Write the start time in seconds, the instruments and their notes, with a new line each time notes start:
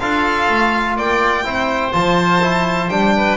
0.00 double bass D4, trombone F4, oboe A4, violin F5
0.49 double bass A3
0.96 double bass A#3, oboe D5, violin G5
1.44 double bass C4, trombone E4, oboe C5
1.92 double bass F3, trombone F4, violin A5
2.42 trombone E4
2.89 double bass G3, trombone D4, violin G5
3.16 oboe B4